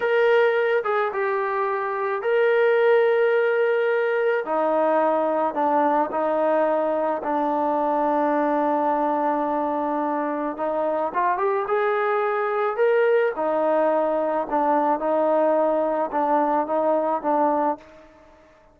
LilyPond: \new Staff \with { instrumentName = "trombone" } { \time 4/4 \tempo 4 = 108 ais'4. gis'8 g'2 | ais'1 | dis'2 d'4 dis'4~ | dis'4 d'2.~ |
d'2. dis'4 | f'8 g'8 gis'2 ais'4 | dis'2 d'4 dis'4~ | dis'4 d'4 dis'4 d'4 | }